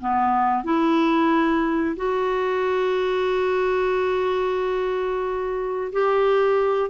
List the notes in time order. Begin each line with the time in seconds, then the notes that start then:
0.00 B3
0.64 E4
1.96 F#4
5.92 G4